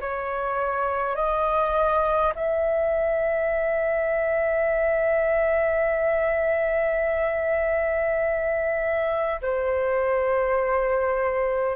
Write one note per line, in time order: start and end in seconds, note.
0.00 1.15 C#5
1.15 2.33 D#5
2.35 9.41 E5
9.41 11.76 C5